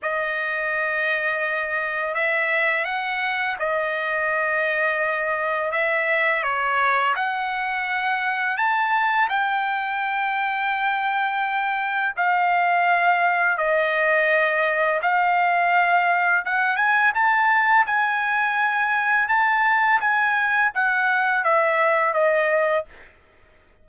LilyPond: \new Staff \with { instrumentName = "trumpet" } { \time 4/4 \tempo 4 = 84 dis''2. e''4 | fis''4 dis''2. | e''4 cis''4 fis''2 | a''4 g''2.~ |
g''4 f''2 dis''4~ | dis''4 f''2 fis''8 gis''8 | a''4 gis''2 a''4 | gis''4 fis''4 e''4 dis''4 | }